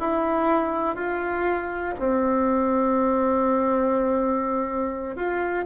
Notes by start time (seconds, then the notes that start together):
0.00 E4
0.96 F4
1.99 C4
5.16 F4